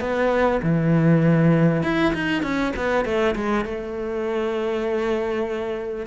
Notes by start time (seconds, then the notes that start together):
0.00 B3
0.63 E3
1.83 E4
2.13 D#4
2.42 C#4
2.76 B3
3.05 A3
3.35 G#3
3.65 A3